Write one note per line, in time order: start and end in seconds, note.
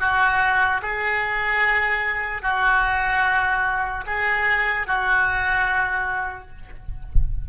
0.00 0.81 F#4
0.82 2.42 G#4
2.42 4.04 F#4
4.06 4.87 G#4
4.87 6.49 F#4